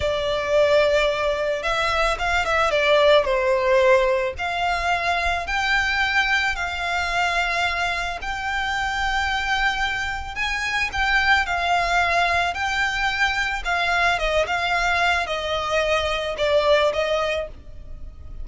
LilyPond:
\new Staff \with { instrumentName = "violin" } { \time 4/4 \tempo 4 = 110 d''2. e''4 | f''8 e''8 d''4 c''2 | f''2 g''2 | f''2. g''4~ |
g''2. gis''4 | g''4 f''2 g''4~ | g''4 f''4 dis''8 f''4. | dis''2 d''4 dis''4 | }